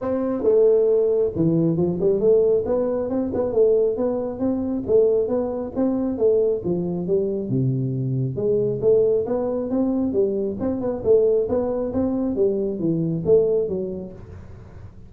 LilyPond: \new Staff \with { instrumentName = "tuba" } { \time 4/4 \tempo 4 = 136 c'4 a2 e4 | f8 g8 a4 b4 c'8 b8 | a4 b4 c'4 a4 | b4 c'4 a4 f4 |
g4 c2 gis4 | a4 b4 c'4 g4 | c'8 b8 a4 b4 c'4 | g4 e4 a4 fis4 | }